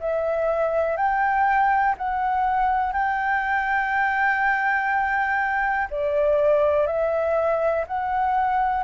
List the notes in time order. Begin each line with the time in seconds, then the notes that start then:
0.00 E5
0.97 G5
1.98 F#5
2.92 G5
5.90 D5
6.87 E5
7.87 F#5